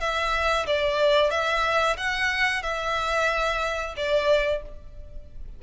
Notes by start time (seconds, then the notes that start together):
0.00 E5
0.67 D5
1.31 E5
1.97 F#5
2.63 E5
3.97 D5